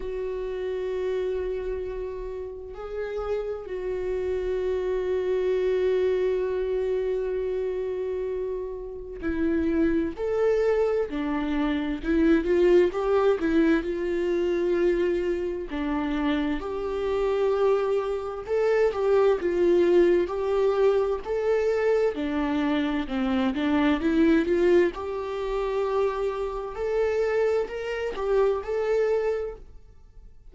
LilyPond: \new Staff \with { instrumentName = "viola" } { \time 4/4 \tempo 4 = 65 fis'2. gis'4 | fis'1~ | fis'2 e'4 a'4 | d'4 e'8 f'8 g'8 e'8 f'4~ |
f'4 d'4 g'2 | a'8 g'8 f'4 g'4 a'4 | d'4 c'8 d'8 e'8 f'8 g'4~ | g'4 a'4 ais'8 g'8 a'4 | }